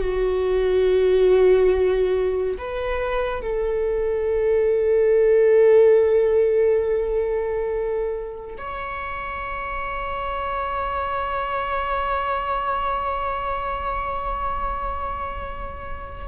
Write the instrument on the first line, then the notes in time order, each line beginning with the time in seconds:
viola
0.00 F#4
2.58 B4
3.42 A4
8.58 C#5